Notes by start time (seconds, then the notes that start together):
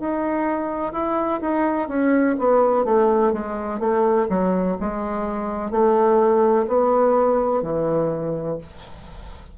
0.00 D#4
0.93 E4
1.41 D#4
1.88 C#4
2.39 B3
2.85 A3
3.33 G#3
3.80 A3
4.29 F#3
4.81 G#3
5.71 A3
6.68 B3
7.62 E3